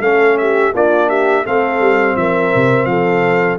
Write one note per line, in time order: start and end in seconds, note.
0.00 0.71 A3
0.00 0.74 C#4
0.00 0.38 A4
0.00 0.37 F5
0.37 0.74 G4
0.37 0.73 E5
0.74 1.45 A#3
0.74 1.45 D4
0.74 1.08 F4
0.74 1.09 D5
1.08 1.44 G4
1.08 1.45 E5
1.44 1.80 A3
1.44 3.59 C4
1.44 2.15 A4
1.44 2.16 F5
1.80 2.16 G3
2.16 2.52 F3
2.16 2.89 A#4
2.16 2.85 E5
2.55 2.85 C3
2.85 3.57 F3
2.85 3.59 A4
2.85 3.57 F5